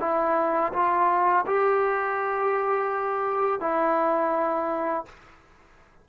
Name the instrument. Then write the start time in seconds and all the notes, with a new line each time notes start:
trombone
0.00 E4
0.73 F4
1.46 G4
3.60 E4